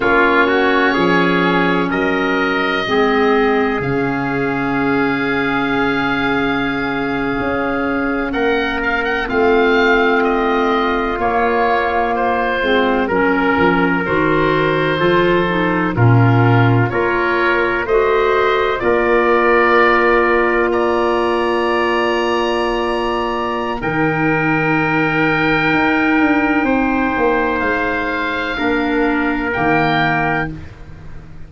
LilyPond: <<
  \new Staff \with { instrumentName = "oboe" } { \time 4/4 \tempo 4 = 63 cis''2 dis''2 | f''1~ | f''8. fis''8 f''16 fis''16 f''4 dis''4 cis''16~ | cis''8. c''4 ais'4 c''4~ c''16~ |
c''8. ais'4 cis''4 dis''4 d''16~ | d''4.~ d''16 ais''2~ ais''16~ | ais''4 g''2.~ | g''4 f''2 g''4 | }
  \new Staff \with { instrumentName = "trumpet" } { \time 4/4 f'8 fis'8 gis'4 ais'4 gis'4~ | gis'1~ | gis'8. ais'4 f'2~ f'16~ | f'4.~ f'16 ais'2 a'16~ |
a'8. f'4 ais'4 c''4 ais'16~ | ais'4.~ ais'16 d''2~ d''16~ | d''4 ais'2. | c''2 ais'2 | }
  \new Staff \with { instrumentName = "clarinet" } { \time 4/4 cis'2. c'4 | cis'1~ | cis'4.~ cis'16 c'2 ais16~ | ais4~ ais16 c'8 cis'4 fis'4 f'16~ |
f'16 dis'8 cis'4 f'4 fis'4 f'16~ | f'1~ | f'4 dis'2.~ | dis'2 d'4 ais4 | }
  \new Staff \with { instrumentName = "tuba" } { \time 4/4 ais4 f4 fis4 gis4 | cis2.~ cis8. cis'16~ | cis'8. ais4 a2 ais16~ | ais4~ ais16 gis8 fis8 f8 dis4 f16~ |
f8. ais,4 ais4 a4 ais16~ | ais1~ | ais4 dis2 dis'8 d'8 | c'8 ais8 gis4 ais4 dis4 | }
>>